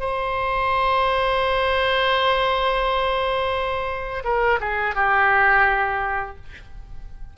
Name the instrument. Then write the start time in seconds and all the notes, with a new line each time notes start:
oboe
0.00 C5
4.24 A#4
4.60 G#4
4.95 G4